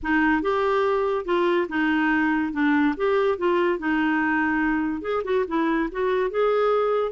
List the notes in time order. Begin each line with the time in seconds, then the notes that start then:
0.02 D#4
0.42 G4
1.25 F4
1.68 D#4
2.53 D4
2.96 G4
3.38 F4
3.78 D#4
5.01 G#4
5.24 F#4
5.47 E4
5.91 F#4
6.30 G#4